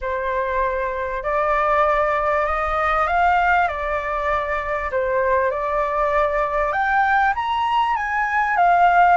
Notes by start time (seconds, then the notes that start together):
0.01 C5
1.23 D5
2.46 D#5
3.07 F5
3.68 D5
4.91 C5
5.50 D5
6.72 G5
7.35 A#5
7.96 G#5
8.56 F5